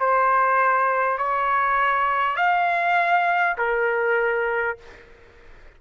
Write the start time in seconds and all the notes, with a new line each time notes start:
0.00 C5
1.18 C#5
2.36 F5
3.57 A#4